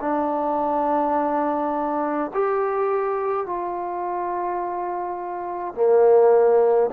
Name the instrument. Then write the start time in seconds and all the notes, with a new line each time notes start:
trombone
0.00 D4
2.33 G4
3.46 F4
5.74 A#3